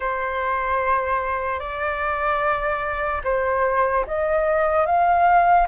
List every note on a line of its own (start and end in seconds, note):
0.00 1.59 C5
1.59 3.21 D5
3.24 4.05 C5
4.06 4.86 D#5
4.86 5.67 F5